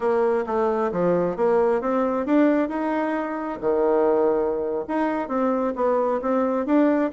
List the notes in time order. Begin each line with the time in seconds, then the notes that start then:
0.00 A#3
0.46 A3
0.92 F3
1.36 A#3
1.81 C4
2.26 D4
2.68 D#4
3.60 D#3
4.87 D#4
5.28 C4
5.75 B3
6.21 C4
6.65 D4